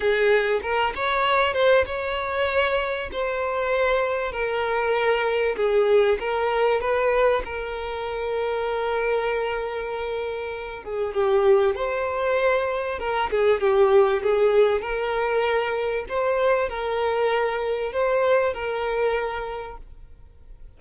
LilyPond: \new Staff \with { instrumentName = "violin" } { \time 4/4 \tempo 4 = 97 gis'4 ais'8 cis''4 c''8 cis''4~ | cis''4 c''2 ais'4~ | ais'4 gis'4 ais'4 b'4 | ais'1~ |
ais'4. gis'8 g'4 c''4~ | c''4 ais'8 gis'8 g'4 gis'4 | ais'2 c''4 ais'4~ | ais'4 c''4 ais'2 | }